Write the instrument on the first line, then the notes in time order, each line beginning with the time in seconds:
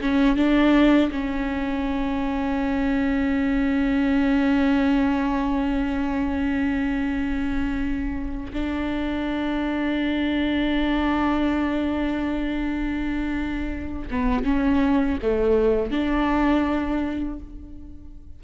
viola
0.00 C#4
0.36 D4
1.11 C#4
8.53 D4
14.10 B3
14.44 C#4
15.22 A3
15.91 D4